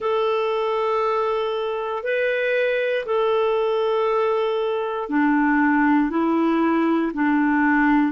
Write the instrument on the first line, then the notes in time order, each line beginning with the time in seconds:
clarinet
0.00 A4
2.03 B4
3.05 A4
5.09 D4
6.10 E4
7.13 D4